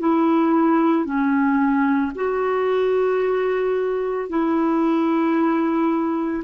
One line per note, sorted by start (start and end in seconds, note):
0.00 1.06 E4
1.06 2.13 C#4
2.15 4.30 F#4
4.30 6.44 E4